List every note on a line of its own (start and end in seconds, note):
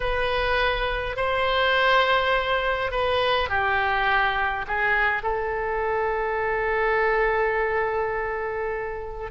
0.00 1.16 B4
1.16 2.91 C5
2.91 3.49 B4
3.49 4.65 G4
4.67 5.22 G#4
5.22 9.30 A4